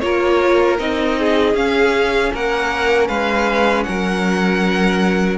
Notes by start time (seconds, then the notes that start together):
0.00 A#3 F4 A#4 C#5
0.78 C4 D#4 D#5
1.18 G#4
1.54 C#4 F5
2.33 A#3 A#4 F#5
3.07 G#3 B4 F5
3.83 F#3 A#4 F#5